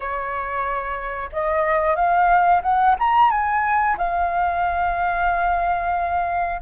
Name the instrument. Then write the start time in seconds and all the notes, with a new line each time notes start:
flute
0.00 C#5
1.32 D#5
1.95 F5
2.62 F#5
2.99 A#5
3.30 G#5
3.97 F5